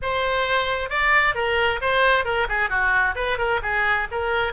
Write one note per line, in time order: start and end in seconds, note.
0.01 0.89 C5
0.89 1.34 D5
1.35 1.80 A#4
1.81 2.24 C5
2.24 2.47 A#4
2.49 2.69 G#4
2.69 3.15 F#4
3.15 3.38 B4
3.38 3.60 A#4
3.62 4.07 G#4
4.11 4.52 A#4